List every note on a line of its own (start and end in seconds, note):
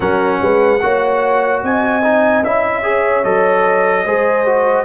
0.00 0.39 F#3
0.00 0.79 C#4
0.00 0.40 A#4
0.00 1.62 F#5
0.41 0.82 G#3
0.41 0.81 B4
0.82 1.63 A#3
0.82 2.02 F#4
0.82 1.63 C#5
1.63 2.42 C4
1.63 2.85 D#5
1.63 2.44 G#5
2.02 2.43 D#4
2.42 3.23 C#4
2.42 2.82 E4
2.42 3.23 E5
2.82 3.23 G#4
2.82 4.04 C#5
3.23 4.05 F#3
3.23 4.05 A4
3.23 4.84 D#5
4.04 4.84 G#3
4.04 4.45 G#4
4.04 4.84 C5
4.45 4.84 F#4